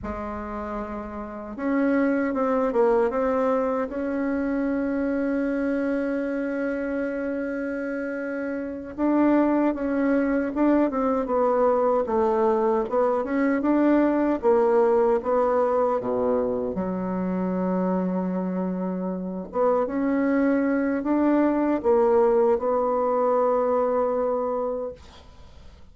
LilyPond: \new Staff \with { instrumentName = "bassoon" } { \time 4/4 \tempo 4 = 77 gis2 cis'4 c'8 ais8 | c'4 cis'2.~ | cis'2.~ cis'8 d'8~ | d'8 cis'4 d'8 c'8 b4 a8~ |
a8 b8 cis'8 d'4 ais4 b8~ | b8 b,4 fis2~ fis8~ | fis4 b8 cis'4. d'4 | ais4 b2. | }